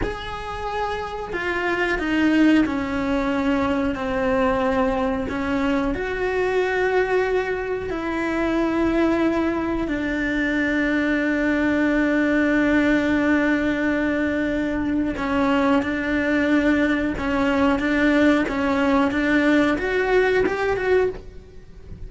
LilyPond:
\new Staff \with { instrumentName = "cello" } { \time 4/4 \tempo 4 = 91 gis'2 f'4 dis'4 | cis'2 c'2 | cis'4 fis'2. | e'2. d'4~ |
d'1~ | d'2. cis'4 | d'2 cis'4 d'4 | cis'4 d'4 fis'4 g'8 fis'8 | }